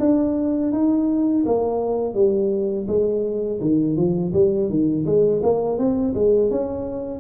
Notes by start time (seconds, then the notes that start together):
0.00 D4
0.73 D#4
1.46 A#3
2.15 G3
2.88 G#3
3.61 D#3
3.97 F3
4.33 G3
4.70 D#3
5.06 G#3
5.43 A#3
5.78 C4
6.15 G#3
6.51 C#4